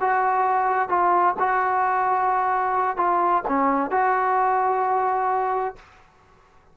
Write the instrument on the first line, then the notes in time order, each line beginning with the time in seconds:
trombone
0.00 F#4
0.89 F4
1.39 F#4
2.97 F4
3.48 C#4
3.91 F#4